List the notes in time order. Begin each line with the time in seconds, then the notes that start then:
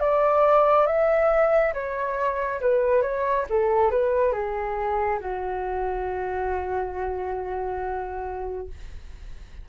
0.00 D5
0.86 E5
1.73 C#5
2.60 B4
3.02 C#5
3.49 A4
3.91 B4
4.32 G#4
5.19 F#4